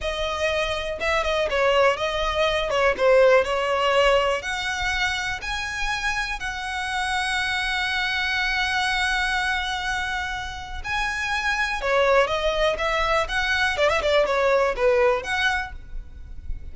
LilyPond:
\new Staff \with { instrumentName = "violin" } { \time 4/4 \tempo 4 = 122 dis''2 e''8 dis''8 cis''4 | dis''4. cis''8 c''4 cis''4~ | cis''4 fis''2 gis''4~ | gis''4 fis''2.~ |
fis''1~ | fis''2 gis''2 | cis''4 dis''4 e''4 fis''4 | d''16 e''16 d''8 cis''4 b'4 fis''4 | }